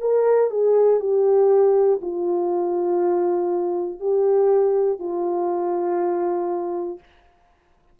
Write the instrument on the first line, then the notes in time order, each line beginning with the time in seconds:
horn
0.00 A#4
0.50 G#4
1.00 G4
2.01 F4
4.00 G4
4.99 F4